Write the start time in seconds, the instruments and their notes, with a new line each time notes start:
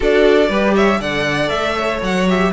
0.00 cello D4, viola F#4, violin A4 D5
0.49 cello G3, viola G4, violin B4
0.74 violin C#5 E5
0.99 cello D3, viola A4, violin D5 F#5
1.49 cello A3, violin E5
1.75 violin C#5
2.01 cello F#3, violin F#5
2.28 viola G4, violin E5